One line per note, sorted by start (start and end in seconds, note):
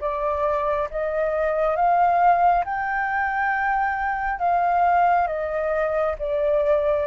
0.00 0.88 D5
0.90 1.76 D#5
1.76 2.64 F5
2.64 4.39 G5
4.39 5.27 F5
5.27 6.15 D#5
6.18 7.07 D5